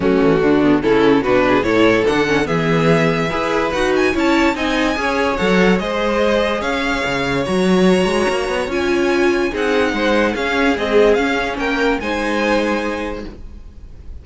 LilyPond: <<
  \new Staff \with { instrumentName = "violin" } { \time 4/4 \tempo 4 = 145 fis'2 a'4 b'4 | cis''4 fis''4 e''2~ | e''4 fis''8 gis''8 a''4 gis''4~ | gis''4 fis''4 dis''2 |
f''2 ais''2~ | ais''4 gis''2 fis''4~ | fis''4 f''4 dis''4 f''4 | g''4 gis''2. | }
  \new Staff \with { instrumentName = "violin" } { \time 4/4 cis'4 d'4 e'4 fis'8 gis'8 | a'2 gis'2 | b'2 cis''4 dis''4 | cis''2 c''2 |
cis''1~ | cis''2. gis'4 | c''4 gis'2. | ais'4 c''2. | }
  \new Staff \with { instrumentName = "viola" } { \time 4/4 a4. b8 cis'4 d'4 | e'4 d'8 cis'8 b2 | gis'4 fis'4 e'4 dis'4 | gis'4 a'4 gis'2~ |
gis'2 fis'2~ | fis'4 f'2 dis'4~ | dis'4 cis'4 gis4 cis'4~ | cis'4 dis'2. | }
  \new Staff \with { instrumentName = "cello" } { \time 4/4 fis8 e8 d4 cis4 b,4 | a,4 d4 e2 | e'4 dis'4 cis'4 c'4 | cis'4 fis4 gis2 |
cis'4 cis4 fis4. gis8 | ais8 b8 cis'2 c'4 | gis4 cis'4 c'4 cis'4 | ais4 gis2. | }
>>